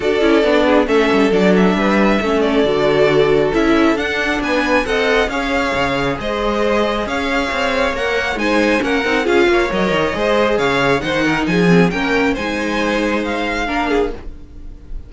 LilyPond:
<<
  \new Staff \with { instrumentName = "violin" } { \time 4/4 \tempo 4 = 136 d''2 e''4 d''8 e''8~ | e''4. d''2~ d''8 | e''4 fis''4 gis''4 fis''4 | f''2 dis''2 |
f''2 fis''4 gis''4 | fis''4 f''4 dis''2 | f''4 fis''4 gis''4 g''4 | gis''2 f''2 | }
  \new Staff \with { instrumentName = "violin" } { \time 4/4 a'4. gis'8 a'2 | b'4 a'2.~ | a'2 b'4 dis''4 | cis''2 c''2 |
cis''2. c''4 | ais'4 gis'8 cis''4. c''4 | cis''4 c''8 ais'8 gis'4 ais'4 | c''2. ais'8 gis'8 | }
  \new Staff \with { instrumentName = "viola" } { \time 4/4 fis'8 e'8 d'4 cis'4 d'4~ | d'4 cis'4 fis'2 | e'4 d'2 a'4 | gis'1~ |
gis'2 ais'4 dis'4 | cis'8 dis'8 f'4 ais'4 gis'4~ | gis'4 dis'4. c'8 cis'4 | dis'2. d'4 | }
  \new Staff \with { instrumentName = "cello" } { \time 4/4 d'8 cis'8 b4 a8 g8 fis4 | g4 a4 d2 | cis'4 d'4 b4 c'4 | cis'4 cis4 gis2 |
cis'4 c'4 ais4 gis4 | ais8 c'8 cis'8 ais8 fis8 dis8 gis4 | cis4 dis4 f4 ais4 | gis2. ais4 | }
>>